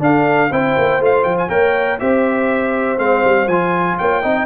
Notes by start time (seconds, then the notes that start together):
0.00 D4 A4 F5
0.51 C4 E4 C5 G5
0.79 A#3
1.01 A3 F4 F5
1.24 F3 G5
1.39 G#5
1.50 A#3 A#4 C#5 G5
2.00 C4 G4 C5 E5
2.98 G#3 C4 F5
3.25 G3
3.48 F3 F4 G#5
3.99 A#3 C#5 G5
4.23 C4 D#4 D#5